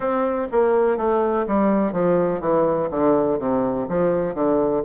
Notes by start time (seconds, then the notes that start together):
0.00 C4
0.51 A#3
0.97 A3
1.47 G3
1.92 F3
2.40 E3
2.90 D3
3.39 C3
3.88 F3
4.34 D3